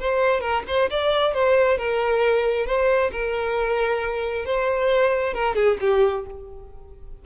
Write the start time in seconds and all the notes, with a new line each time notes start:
0.00 C5
0.41 A#4
0.68 C5
0.91 D5
1.34 C5
1.78 A#4
2.66 C5
3.12 A#4
4.46 C5
5.34 A#4
5.55 G#4
5.81 G4